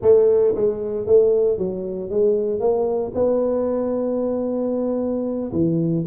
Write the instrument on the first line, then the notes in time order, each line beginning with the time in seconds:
tuba
0.02 A3
0.55 G#3
1.06 A3
1.58 F#3
2.10 G#3
2.59 A#3
3.14 B3
5.52 E3